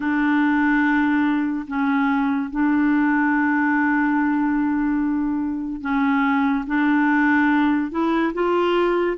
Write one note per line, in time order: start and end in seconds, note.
0.00 1.66 D4
1.67 2.50 C#4
2.50 5.81 D4
5.81 6.64 C#4
6.66 7.91 D4
7.91 8.33 E4
8.33 9.17 F4